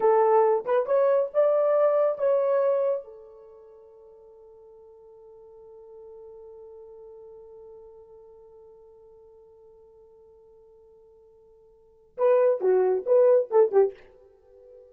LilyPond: \new Staff \with { instrumentName = "horn" } { \time 4/4 \tempo 4 = 138 a'4. b'8 cis''4 d''4~ | d''4 cis''2 a'4~ | a'1~ | a'1~ |
a'1~ | a'1~ | a'1 | b'4 fis'4 b'4 a'8 g'8 | }